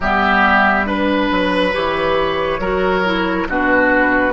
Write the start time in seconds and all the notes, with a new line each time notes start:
0.00 G3 B3 G4 E5
0.85 D4 B4
1.30 F#3
1.73 E3 G4 C#5
2.59 F#3 F#4 A#4
3.05 E4
3.47 B2 D4 F#4 B4